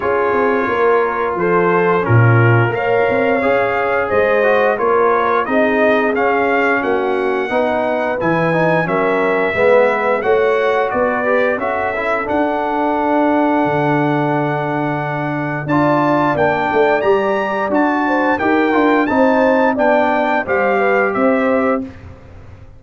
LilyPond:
<<
  \new Staff \with { instrumentName = "trumpet" } { \time 4/4 \tempo 4 = 88 cis''2 c''4 ais'4 | f''2 dis''4 cis''4 | dis''4 f''4 fis''2 | gis''4 e''2 fis''4 |
d''4 e''4 fis''2~ | fis''2. a''4 | g''4 ais''4 a''4 g''4 | a''4 g''4 f''4 e''4 | }
  \new Staff \with { instrumentName = "horn" } { \time 4/4 gis'4 ais'4 a'4 f'4 | cis''2 c''4 ais'4 | gis'2 fis'4 b'4~ | b'4 ais'4 b'4 cis''4 |
b'4 a'2.~ | a'2. d''4~ | d''2~ d''8 c''8 ais'4 | c''4 d''4 c''8 b'8 c''4 | }
  \new Staff \with { instrumentName = "trombone" } { \time 4/4 f'2. cis'4 | ais'4 gis'4. fis'8 f'4 | dis'4 cis'2 dis'4 | e'8 dis'8 cis'4 b4 fis'4~ |
fis'8 g'8 fis'8 e'8 d'2~ | d'2. f'4 | d'4 g'4 fis'4 g'8 f'8 | dis'4 d'4 g'2 | }
  \new Staff \with { instrumentName = "tuba" } { \time 4/4 cis'8 c'8 ais4 f4 ais,4 | ais8 c'8 cis'4 gis4 ais4 | c'4 cis'4 ais4 b4 | e4 fis4 gis4 a4 |
b4 cis'4 d'2 | d2. d'4 | ais8 a8 g4 d'4 dis'8 d'8 | c'4 b4 g4 c'4 | }
>>